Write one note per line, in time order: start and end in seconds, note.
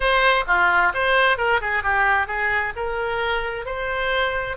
0.00 0.44 C5
0.47 0.93 F4
0.94 1.37 C5
1.37 1.60 A#4
1.61 1.83 G#4
1.83 2.27 G4
2.27 2.73 G#4
2.76 3.65 A#4
3.65 4.57 C5